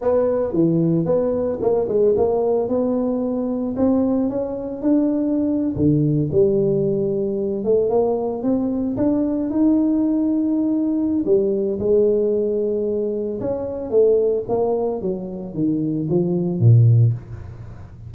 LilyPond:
\new Staff \with { instrumentName = "tuba" } { \time 4/4 \tempo 4 = 112 b4 e4 b4 ais8 gis8 | ais4 b2 c'4 | cis'4 d'4.~ d'16 d4 g16~ | g2~ g16 a8 ais4 c'16~ |
c'8. d'4 dis'2~ dis'16~ | dis'4 g4 gis2~ | gis4 cis'4 a4 ais4 | fis4 dis4 f4 ais,4 | }